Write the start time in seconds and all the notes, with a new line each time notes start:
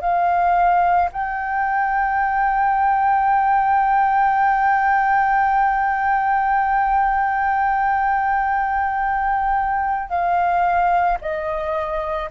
0.00 F5
1.12 G5
10.09 F5
11.21 D#5